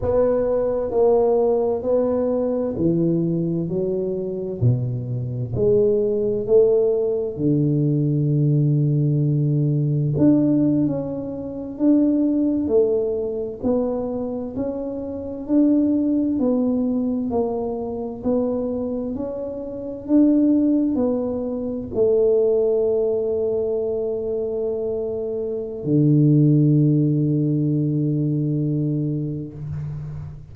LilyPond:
\new Staff \with { instrumentName = "tuba" } { \time 4/4 \tempo 4 = 65 b4 ais4 b4 e4 | fis4 b,4 gis4 a4 | d2. d'8. cis'16~ | cis'8. d'4 a4 b4 cis'16~ |
cis'8. d'4 b4 ais4 b16~ | b8. cis'4 d'4 b4 a16~ | a1 | d1 | }